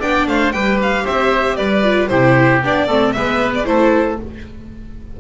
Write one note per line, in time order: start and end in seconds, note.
0.00 0.26 B3
0.00 0.53 D4
0.00 0.26 D5
0.00 0.27 G5
0.27 0.53 A3
0.27 0.54 C5
0.27 0.52 F5
0.52 1.05 G3
0.52 1.83 G4
0.52 1.04 B4
0.52 0.78 G5
0.82 1.06 F5
1.04 1.58 C4
1.04 1.57 C5
1.04 1.56 E5
1.56 2.10 G3
1.56 2.10 B4
1.56 2.07 D5
1.83 2.09 F4
2.07 2.62 C3
2.07 2.62 E4
2.07 2.87 G4
2.07 2.60 C5
2.62 2.89 B3
2.62 2.89 D4
2.62 3.12 D5
2.87 3.15 A3
2.87 3.15 C4
2.87 3.13 A4
3.12 3.66 G#3
3.12 3.65 B3
3.12 3.68 B4
3.12 3.51 E5
3.55 3.65 D5
3.65 4.19 A3
3.65 4.17 E4
3.65 4.20 A4
3.65 4.17 C5